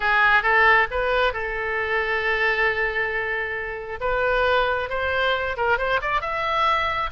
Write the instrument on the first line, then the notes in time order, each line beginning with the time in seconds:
oboe
0.00 G#4
0.42 A4
0.91 B4
1.33 A4
4.00 B4
4.89 C5
5.56 A#4
5.78 C5
6.01 D5
6.21 E5